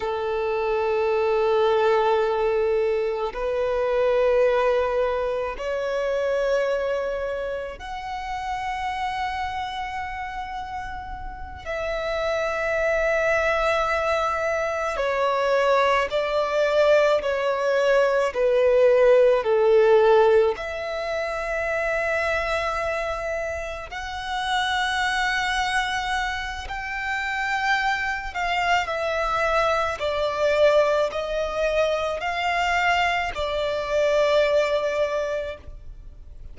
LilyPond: \new Staff \with { instrumentName = "violin" } { \time 4/4 \tempo 4 = 54 a'2. b'4~ | b'4 cis''2 fis''4~ | fis''2~ fis''8 e''4.~ | e''4. cis''4 d''4 cis''8~ |
cis''8 b'4 a'4 e''4.~ | e''4. fis''2~ fis''8 | g''4. f''8 e''4 d''4 | dis''4 f''4 d''2 | }